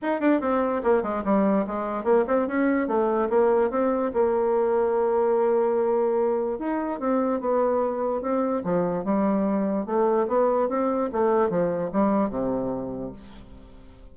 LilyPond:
\new Staff \with { instrumentName = "bassoon" } { \time 4/4 \tempo 4 = 146 dis'8 d'8 c'4 ais8 gis8 g4 | gis4 ais8 c'8 cis'4 a4 | ais4 c'4 ais2~ | ais1 |
dis'4 c'4 b2 | c'4 f4 g2 | a4 b4 c'4 a4 | f4 g4 c2 | }